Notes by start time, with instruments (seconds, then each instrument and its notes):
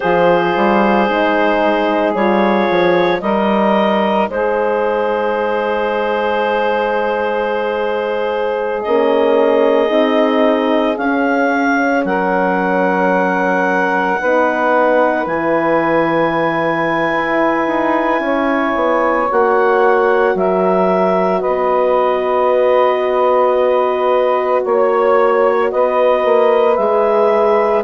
0.00 bassoon F3, horn F4, saxophone G#4, clarinet C5
0.56 bassoon G3
1.08 bassoon G#3, horn D#4
2.14 bassoon G3, horn F4, clarinet C#5
2.70 bassoon F3
3.20 bassoon G3, horn D#4, saxophone A#4, clarinet D#5
4.29 bassoon G#3, saxophone G#4, clarinet C5
8.82 bassoon A#3, horn C#4, clarinet D#5
9.87 bassoon C4, horn D#4
10.97 bassoon C#4, horn C#4, clarinet F5
12.04 bassoon F#3, saxophone A#4, clarinet F#5
14.19 bassoon B3, horn D#4, saxophone B4
15.26 bassoon E3, horn E4, clarinet G#5
17.15 bassoon E4
17.66 bassoon D#4
18.19 bassoon C#4, saxophone C#5
18.75 bassoon B3
19.29 bassoon A#3, horn F#4, clarinet F#5
20.34 bassoon F#3, saxophone A#4, clarinet E5
21.40 saxophone B4, clarinet D#5
21.46 bassoon B3
24.63 bassoon A#3, saxophone C#5, clarinet C#5
25.71 bassoon B3, saxophone B4, clarinet D#5
26.24 bassoon A#3
26.75 bassoon G#3, horn G#4, clarinet E5